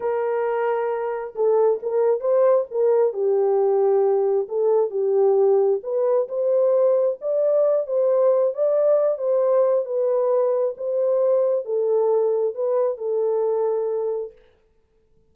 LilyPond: \new Staff \with { instrumentName = "horn" } { \time 4/4 \tempo 4 = 134 ais'2. a'4 | ais'4 c''4 ais'4 g'4~ | g'2 a'4 g'4~ | g'4 b'4 c''2 |
d''4. c''4. d''4~ | d''8 c''4. b'2 | c''2 a'2 | b'4 a'2. | }